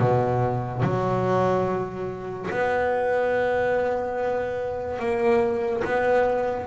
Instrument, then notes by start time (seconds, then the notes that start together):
double bass
0.00 B2
0.83 F#3
2.50 B3
5.00 A#3
5.84 B3